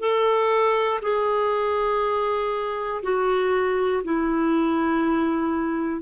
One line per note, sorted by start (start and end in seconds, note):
0.00 1.00 A4
1.02 3.02 G#4
3.03 4.03 F#4
4.04 6.01 E4